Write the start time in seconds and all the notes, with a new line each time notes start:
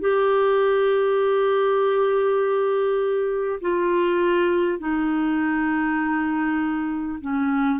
0.00 G4
3.61 F4
4.78 D#4
7.21 C#4